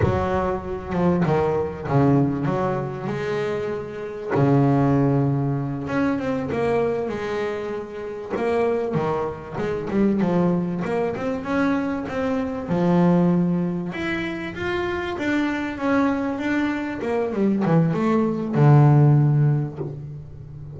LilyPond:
\new Staff \with { instrumentName = "double bass" } { \time 4/4 \tempo 4 = 97 fis4. f8 dis4 cis4 | fis4 gis2 cis4~ | cis4. cis'8 c'8 ais4 gis8~ | gis4. ais4 dis4 gis8 |
g8 f4 ais8 c'8 cis'4 c'8~ | c'8 f2 e'4 f'8~ | f'8 d'4 cis'4 d'4 ais8 | g8 e8 a4 d2 | }